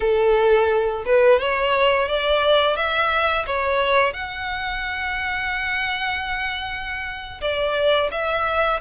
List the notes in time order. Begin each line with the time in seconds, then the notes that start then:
0.00 A4
1.05 B4
1.39 C#5
2.08 D5
2.76 E5
3.46 C#5
4.13 F#5
7.41 D5
8.11 E5